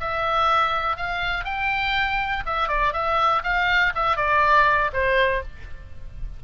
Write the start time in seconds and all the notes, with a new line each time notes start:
0.00 E5
0.96 F5
1.44 G5
2.46 E5
2.68 D5
2.93 E5
3.43 F5
3.95 E5
4.17 D5
4.93 C5